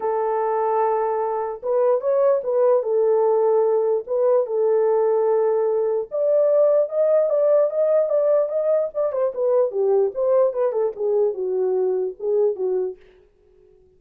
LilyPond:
\new Staff \with { instrumentName = "horn" } { \time 4/4 \tempo 4 = 148 a'1 | b'4 cis''4 b'4 a'4~ | a'2 b'4 a'4~ | a'2. d''4~ |
d''4 dis''4 d''4 dis''4 | d''4 dis''4 d''8 c''8 b'4 | g'4 c''4 b'8 a'8 gis'4 | fis'2 gis'4 fis'4 | }